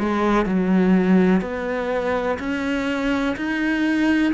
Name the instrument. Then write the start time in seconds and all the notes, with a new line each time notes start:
cello
0.00 G#3
0.46 F#3
1.42 B3
2.40 C#4
3.37 D#4